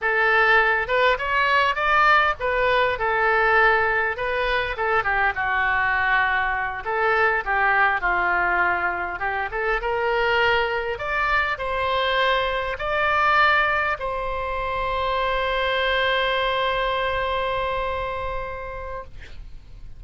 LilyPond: \new Staff \with { instrumentName = "oboe" } { \time 4/4 \tempo 4 = 101 a'4. b'8 cis''4 d''4 | b'4 a'2 b'4 | a'8 g'8 fis'2~ fis'8 a'8~ | a'8 g'4 f'2 g'8 |
a'8 ais'2 d''4 c''8~ | c''4. d''2 c''8~ | c''1~ | c''1 | }